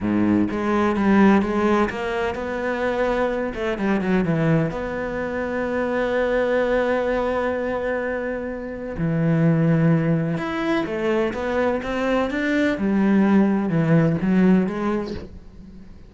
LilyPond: \new Staff \with { instrumentName = "cello" } { \time 4/4 \tempo 4 = 127 gis,4 gis4 g4 gis4 | ais4 b2~ b8 a8 | g8 fis8 e4 b2~ | b1~ |
b2. e4~ | e2 e'4 a4 | b4 c'4 d'4 g4~ | g4 e4 fis4 gis4 | }